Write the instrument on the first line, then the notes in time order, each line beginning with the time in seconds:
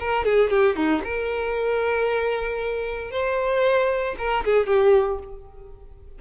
violin
0.00 A#4
0.25 G#4
0.50 G4
0.76 D#4
1.04 A#4
3.11 C5
4.18 A#4
4.45 G#4
4.66 G4